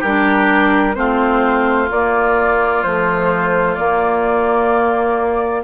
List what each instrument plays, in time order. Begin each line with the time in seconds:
0.00 bassoon G3, clarinet D4, oboe G4, flute A#4
0.94 bassoon A3, clarinet C4, oboe F4, flute C5
1.91 bassoon A#3, clarinet A#3, flute D5
2.83 clarinet F3, bassoon A3, flute C5
3.75 clarinet A#3, bassoon A#3, flute D5